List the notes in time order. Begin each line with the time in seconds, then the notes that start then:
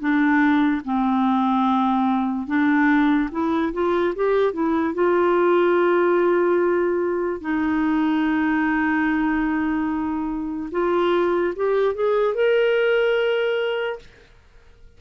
0.00 D4
0.85 C4
2.47 D4
3.32 E4
3.73 F4
4.16 G4
4.53 E4
4.95 F4
7.42 D#4
10.72 F4
11.56 G4
11.95 G#4
12.35 A#4